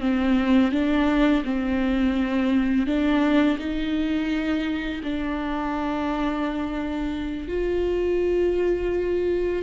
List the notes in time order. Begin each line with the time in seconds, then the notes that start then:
0.00 C4
0.71 D4
1.44 C4
2.86 D4
3.58 D#4
5.03 D4
7.48 F4